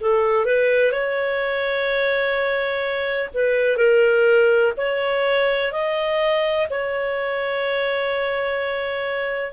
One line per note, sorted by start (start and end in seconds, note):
0.00 0.45 A4
0.45 0.91 B4
0.91 3.29 C#5
3.33 3.77 B4
3.77 4.72 A#4
4.77 5.72 C#5
5.72 6.67 D#5
6.69 9.52 C#5